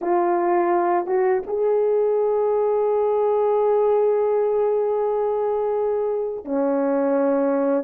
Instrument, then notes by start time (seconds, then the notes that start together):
horn
0.01 F4
1.06 F#4
1.46 G#4
6.44 C#4